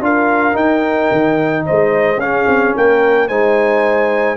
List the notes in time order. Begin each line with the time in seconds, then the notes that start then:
0.00 D4 F4 A#4 F5
0.53 D#4 G5
1.12 D#3
1.66 G#3 C5 D#5
2.17 C#4 G#4 F5
2.47 C4
2.76 A#3 A#4 G5
3.28 G#3 D#4 C5 G#5